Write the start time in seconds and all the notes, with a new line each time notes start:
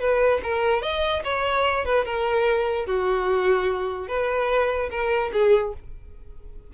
0.00 B4
0.43 A#4
0.82 D#5
1.24 C#5
1.85 B4
2.05 A#4
2.86 F#4
4.08 B4
4.90 A#4
5.33 G#4